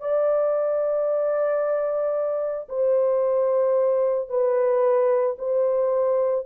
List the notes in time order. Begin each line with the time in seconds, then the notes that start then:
0.00 D5
2.69 C5
4.29 B4
5.38 C5